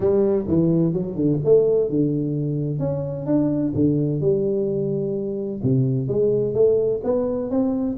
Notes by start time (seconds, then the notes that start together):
0.00 G3
0.47 E3
0.93 F#3
1.15 D3
1.44 A3
1.89 D3
2.79 C#4
3.26 D4
3.74 D3
4.20 G3
5.62 C3
6.07 G#3
6.54 A3
7.03 B3
7.50 C4